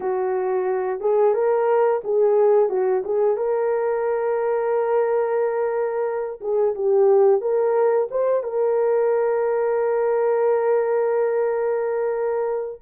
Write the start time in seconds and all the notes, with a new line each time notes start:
0.00 F#4
1.00 G#4
1.33 A#4
2.04 G#4
2.69 F#4
3.04 G#4
3.36 A#4
6.40 G#4
6.74 G4
7.41 A#4
8.11 C5
8.43 A#4